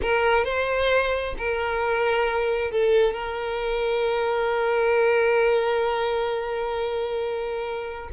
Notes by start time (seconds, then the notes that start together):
0.02 A#4
0.44 C5
1.38 A#4
2.71 A4
3.13 A#4